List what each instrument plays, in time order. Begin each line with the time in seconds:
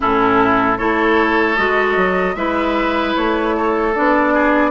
0.00 bassoon A2, clarinet C#4, oboe E4, flute A4
0.77 bassoon A3, clarinet E4, oboe A4, flute C#5
1.56 bassoon G#3, clarinet F#4, flute D#5
1.96 bassoon F#3
2.35 bassoon G#3, clarinet E4, oboe B4, flute E5
3.15 bassoon A3, flute C#5
3.56 oboe A4
3.94 bassoon B3, clarinet D4, flute D5
4.33 oboe G#4